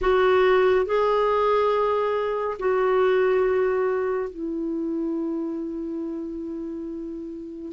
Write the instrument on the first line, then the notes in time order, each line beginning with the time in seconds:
clarinet
0.01 F#4
0.85 G#4
2.59 F#4
4.29 E4